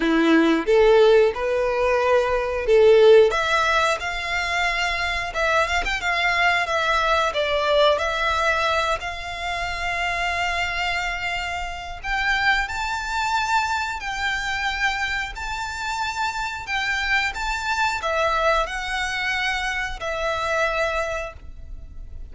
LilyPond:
\new Staff \with { instrumentName = "violin" } { \time 4/4 \tempo 4 = 90 e'4 a'4 b'2 | a'4 e''4 f''2 | e''8 f''16 g''16 f''4 e''4 d''4 | e''4. f''2~ f''8~ |
f''2 g''4 a''4~ | a''4 g''2 a''4~ | a''4 g''4 a''4 e''4 | fis''2 e''2 | }